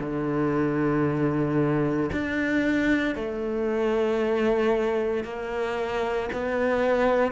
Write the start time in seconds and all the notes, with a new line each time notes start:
0.00 D3
2.12 D4
3.15 A3
5.24 A#3
6.33 B3